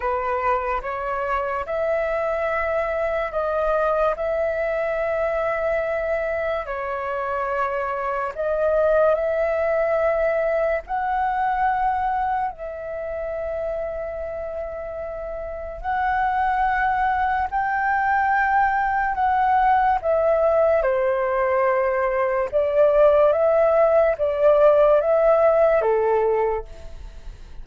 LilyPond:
\new Staff \with { instrumentName = "flute" } { \time 4/4 \tempo 4 = 72 b'4 cis''4 e''2 | dis''4 e''2. | cis''2 dis''4 e''4~ | e''4 fis''2 e''4~ |
e''2. fis''4~ | fis''4 g''2 fis''4 | e''4 c''2 d''4 | e''4 d''4 e''4 a'4 | }